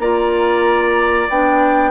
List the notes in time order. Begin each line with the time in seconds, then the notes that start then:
0.00 A#3 F4 D5 A#5
1.29 B3 D4 G5